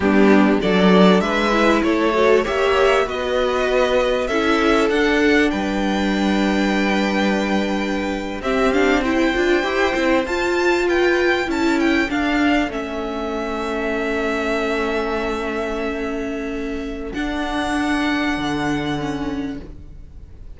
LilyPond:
<<
  \new Staff \with { instrumentName = "violin" } { \time 4/4 \tempo 4 = 98 g'4 d''4 e''4 cis''4 | e''4 dis''2 e''4 | fis''4 g''2.~ | g''4.~ g''16 e''8 f''8 g''4~ g''16~ |
g''8. a''4 g''4 a''8 g''8 f''16~ | f''8. e''2.~ e''16~ | e''1 | fis''1 | }
  \new Staff \with { instrumentName = "violin" } { \time 4/4 d'4 a'4 b'4 a'4 | cis''4 b'2 a'4~ | a'4 b'2.~ | b'4.~ b'16 g'4 c''4~ c''16~ |
c''4.~ c''16 b'4 a'4~ a'16~ | a'1~ | a'1~ | a'1 | }
  \new Staff \with { instrumentName = "viola" } { \time 4/4 b4 d'4. e'4 fis'8 | g'4 fis'2 e'4 | d'1~ | d'4.~ d'16 c'8 d'8 e'8 f'8 g'16~ |
g'16 e'8 f'2 e'4 d'16~ | d'8. cis'2.~ cis'16~ | cis'1 | d'2. cis'4 | }
  \new Staff \with { instrumentName = "cello" } { \time 4/4 g4 fis4 gis4 a4 | ais4 b2 cis'4 | d'4 g2.~ | g4.~ g16 c'4. d'8 e'16~ |
e'16 c'8 f'2 cis'4 d'16~ | d'8. a2.~ a16~ | a1 | d'2 d2 | }
>>